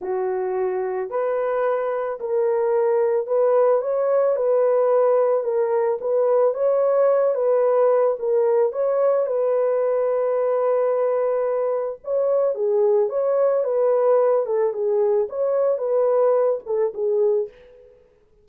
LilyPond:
\new Staff \with { instrumentName = "horn" } { \time 4/4 \tempo 4 = 110 fis'2 b'2 | ais'2 b'4 cis''4 | b'2 ais'4 b'4 | cis''4. b'4. ais'4 |
cis''4 b'2.~ | b'2 cis''4 gis'4 | cis''4 b'4. a'8 gis'4 | cis''4 b'4. a'8 gis'4 | }